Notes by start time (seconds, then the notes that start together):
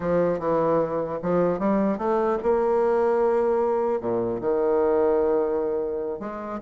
0.00 F3
0.39 E3
1.22 F3
1.59 G3
1.98 A3
2.42 A#3
4.00 A#2
4.40 D#3
6.19 G#3